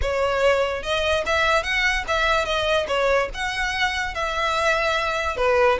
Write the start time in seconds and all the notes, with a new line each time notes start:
0.01 C#5
0.82 D#5
1.26 E5
1.63 F#5
2.07 E5
2.45 D#5
2.87 C#5
3.33 F#5
4.14 E5
5.36 B4